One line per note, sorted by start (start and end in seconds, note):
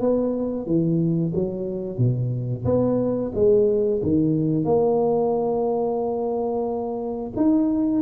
0.00 0.66 B3
0.66 1.32 E3
1.35 1.98 F#3
1.98 2.65 B2
2.65 3.32 B3
3.34 4.01 G#3
4.02 4.64 D#3
4.64 7.31 A#3
7.36 8.02 D#4